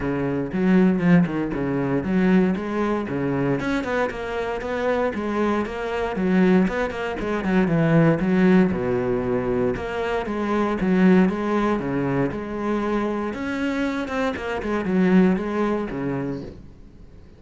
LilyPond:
\new Staff \with { instrumentName = "cello" } { \time 4/4 \tempo 4 = 117 cis4 fis4 f8 dis8 cis4 | fis4 gis4 cis4 cis'8 b8 | ais4 b4 gis4 ais4 | fis4 b8 ais8 gis8 fis8 e4 |
fis4 b,2 ais4 | gis4 fis4 gis4 cis4 | gis2 cis'4. c'8 | ais8 gis8 fis4 gis4 cis4 | }